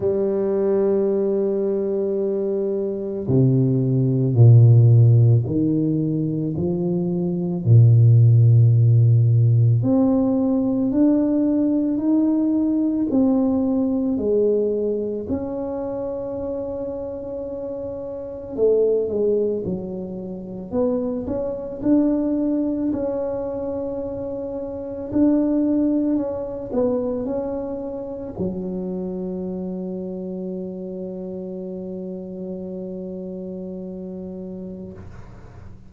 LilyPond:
\new Staff \with { instrumentName = "tuba" } { \time 4/4 \tempo 4 = 55 g2. c4 | ais,4 dis4 f4 ais,4~ | ais,4 c'4 d'4 dis'4 | c'4 gis4 cis'2~ |
cis'4 a8 gis8 fis4 b8 cis'8 | d'4 cis'2 d'4 | cis'8 b8 cis'4 fis2~ | fis1 | }